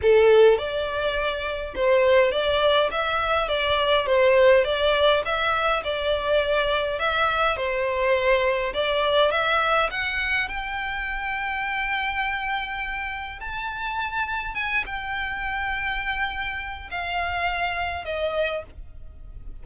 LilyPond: \new Staff \with { instrumentName = "violin" } { \time 4/4 \tempo 4 = 103 a'4 d''2 c''4 | d''4 e''4 d''4 c''4 | d''4 e''4 d''2 | e''4 c''2 d''4 |
e''4 fis''4 g''2~ | g''2. a''4~ | a''4 gis''8 g''2~ g''8~ | g''4 f''2 dis''4 | }